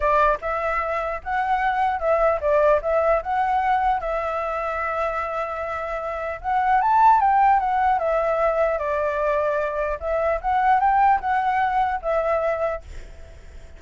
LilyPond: \new Staff \with { instrumentName = "flute" } { \time 4/4 \tempo 4 = 150 d''4 e''2 fis''4~ | fis''4 e''4 d''4 e''4 | fis''2 e''2~ | e''1 |
fis''4 a''4 g''4 fis''4 | e''2 d''2~ | d''4 e''4 fis''4 g''4 | fis''2 e''2 | }